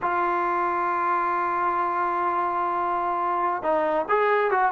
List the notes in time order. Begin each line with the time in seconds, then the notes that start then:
0.02 F4
3.63 D#4
4.08 G#4
4.50 F#4